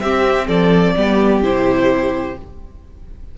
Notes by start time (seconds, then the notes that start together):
0.00 C4 G4 E5
0.47 F3 A4 D5
0.97 G3 B3 G4
1.43 C3 E4 C5